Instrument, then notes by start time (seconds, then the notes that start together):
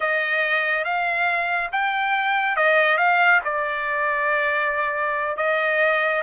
trumpet
0.00 D#5
0.84 F5
1.72 G5
2.56 D#5
2.97 F5
3.44 D5
5.36 D#5